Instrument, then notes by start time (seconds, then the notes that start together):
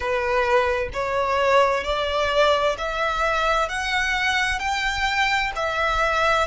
violin
0.00 B4
0.93 C#5
1.83 D5
2.77 E5
3.68 F#5
4.59 G5
5.56 E5